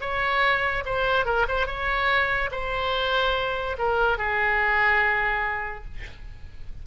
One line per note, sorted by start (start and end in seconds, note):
0.00 0.83 C#5
0.85 1.25 C5
1.25 1.46 A#4
1.48 1.66 C5
1.66 2.49 C#5
2.51 3.76 C5
3.78 4.17 A#4
4.17 5.84 G#4